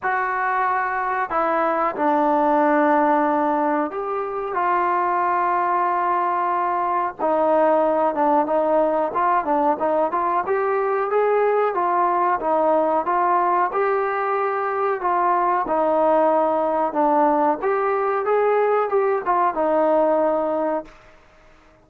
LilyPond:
\new Staff \with { instrumentName = "trombone" } { \time 4/4 \tempo 4 = 92 fis'2 e'4 d'4~ | d'2 g'4 f'4~ | f'2. dis'4~ | dis'8 d'8 dis'4 f'8 d'8 dis'8 f'8 |
g'4 gis'4 f'4 dis'4 | f'4 g'2 f'4 | dis'2 d'4 g'4 | gis'4 g'8 f'8 dis'2 | }